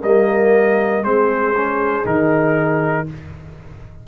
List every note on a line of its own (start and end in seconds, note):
0.00 1.03 G3
0.00 1.03 A#3
0.00 1.01 A#4
0.00 1.03 D#5
1.01 2.04 G#3
1.01 1.54 C4
1.01 3.04 G#4
1.01 2.05 C5
1.55 2.04 C#4
2.04 3.07 D#3
2.04 3.06 D#4
2.04 3.07 A#4